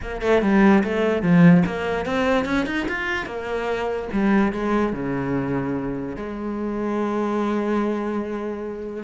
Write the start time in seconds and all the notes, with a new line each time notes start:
0.01 A#3
0.21 A3
0.42 G3
0.83 A3
1.22 F3
1.66 A#3
2.05 C4
2.45 C#4
2.66 D#4
2.88 F4
3.26 A#3
4.12 G3
4.52 G#3
4.92 C#3
6.16 G#3